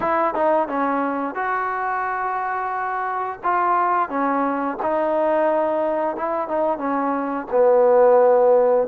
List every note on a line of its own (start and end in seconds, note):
0.00 0.34 E4
0.34 0.68 D#4
0.68 1.35 C#4
1.35 3.39 F#4
3.43 4.09 F4
4.09 4.77 C#4
4.82 6.16 D#4
6.16 6.48 E4
6.48 6.78 D#4
6.78 7.46 C#4
7.51 8.87 B3